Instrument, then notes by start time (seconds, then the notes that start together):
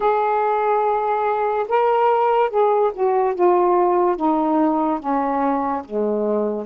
saxophone
0.00 G#4
1.68 A#4
2.50 G#4
2.93 F#4
3.34 F4
4.16 D#4
4.99 C#4
5.84 G#3